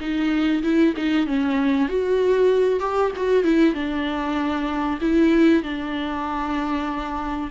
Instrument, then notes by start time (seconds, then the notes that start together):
viola
0.00 D#4
0.63 E4
0.97 D#4
1.26 C#4
1.89 F#4
2.80 G4
3.16 F#4
3.44 E4
3.74 D4
5.01 E4
5.63 D4